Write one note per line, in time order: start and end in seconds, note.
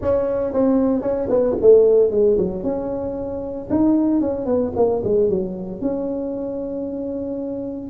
0.01 0.53 C#4
0.53 1.01 C4
1.01 1.28 C#4
1.29 1.56 B3
1.61 2.10 A3
2.10 2.37 G#3
2.37 2.63 F#3
2.63 3.68 C#4
3.70 4.20 D#4
4.20 4.45 C#4
4.45 4.72 B3
4.76 5.02 A#3
5.04 5.29 G#3
5.29 5.81 F#3
5.81 7.90 C#4